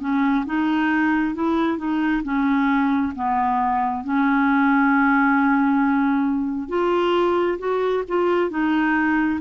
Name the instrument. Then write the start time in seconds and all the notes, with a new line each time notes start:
clarinet
0.00 C#4
0.46 D#4
1.34 E4
1.77 D#4
2.23 C#4
3.15 B3
4.04 C#4
6.68 F4
7.58 F#4
8.08 F4
8.50 D#4